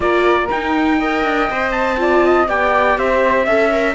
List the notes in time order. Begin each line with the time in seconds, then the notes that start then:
0.00 A#3 F4 A#4 D5
0.50 D#4 G5
0.98 A#4 D#5
1.24 D4
1.50 C4 C5
1.71 A5
1.97 F4 D5
2.24 D#5
2.48 B3 G4 D5 G5
2.97 C4 C5 E5
3.45 C#4 A4 E5
3.71 A#4